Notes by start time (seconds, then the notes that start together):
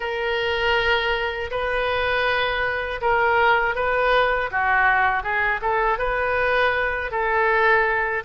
0.00 A#4
1.50 B4
3.01 A#4
3.75 B4
4.51 F#4
5.23 G#4
5.61 A4
5.98 B4
7.10 A4